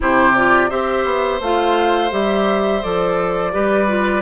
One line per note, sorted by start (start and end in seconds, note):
0.00 0.71 C3
0.00 0.33 E4
0.00 0.69 G4
0.00 0.35 C5
0.35 0.69 F4
0.35 0.70 D5
0.69 1.04 C4
0.69 1.40 G4
0.69 3.51 C5
0.69 1.40 E5
1.04 1.40 B3
1.40 2.11 A3
1.40 2.10 F4
1.40 2.12 F5
2.10 2.82 G3
2.10 2.81 G4
2.10 2.82 E5
2.82 3.54 F3
2.82 3.52 A4
2.82 4.21 D5
3.52 4.21 G3
3.52 3.87 G4
3.52 4.21 B4
3.87 4.21 F4